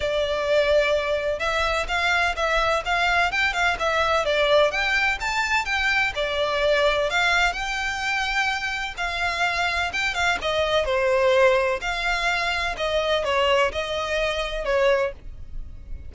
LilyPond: \new Staff \with { instrumentName = "violin" } { \time 4/4 \tempo 4 = 127 d''2. e''4 | f''4 e''4 f''4 g''8 f''8 | e''4 d''4 g''4 a''4 | g''4 d''2 f''4 |
g''2. f''4~ | f''4 g''8 f''8 dis''4 c''4~ | c''4 f''2 dis''4 | cis''4 dis''2 cis''4 | }